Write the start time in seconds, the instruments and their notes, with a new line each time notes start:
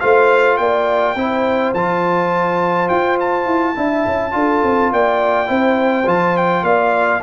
0.00 tuba A3, trombone F4, horn C5, trumpet F5
0.57 tuba A#3, horn D5, trumpet G5
1.16 tuba C4, trombone E4, horn C5
1.74 tuba F3, trombone F4, trumpet A5
2.89 tuba F4, trumpet G5
3.20 trumpet A5
3.46 tuba E4
3.75 tuba D4, trombone E4, horn E5
4.06 tuba C#4
4.31 tuba D4, trombone F4, horn A4
4.63 tuba C4
4.92 tuba A#3, horn D5, trumpet G5
5.46 tuba C4, trombone E4, horn C5
6.06 tuba F3, trombone F4, trumpet A5
6.37 trumpet G5
6.63 tuba A#3, horn D5, trumpet F5